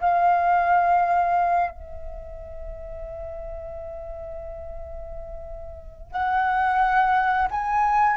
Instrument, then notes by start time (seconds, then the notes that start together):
flute
0.00 F5
1.70 E5
6.11 F#5
7.51 G#5